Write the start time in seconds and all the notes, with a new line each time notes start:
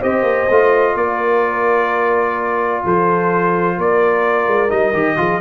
0.00 C4 G4 C5 D#5
0.23 A#3
0.50 A3 F4
0.95 A#3 A#4 D5
2.84 F3 A4 C5
3.77 A#3 A#4 D5
4.47 G#3
4.69 G3 D#4 D#5
4.93 D#3 G4
5.17 F3 F4 G#4